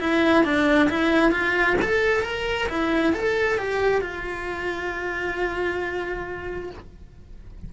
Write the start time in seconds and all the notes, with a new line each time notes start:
0.00 E4
0.44 D4
0.90 E4
1.32 F4
1.82 A4
2.23 A#4
2.69 E4
3.13 A4
3.58 G4
4.01 F4